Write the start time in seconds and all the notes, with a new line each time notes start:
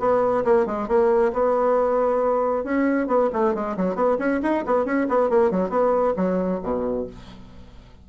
0.00 B3
0.45 A#3
0.66 G#3
0.88 A#3
1.33 B3
2.64 C#4
3.08 B3
3.33 A3
3.55 G#3
3.77 F#3
3.96 B3
4.19 C#4
4.43 D#4
4.66 B3
4.86 C#4
5.09 B3
5.30 A#3
5.51 F#3
5.70 B3
6.17 F#3
6.63 B2